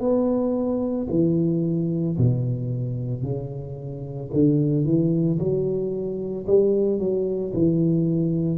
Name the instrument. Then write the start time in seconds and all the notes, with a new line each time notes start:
tuba
0.00 B3
1.10 E3
2.18 B2
3.23 C#3
4.33 D3
4.85 E3
5.39 F#3
6.47 G3
6.99 F#3
7.53 E3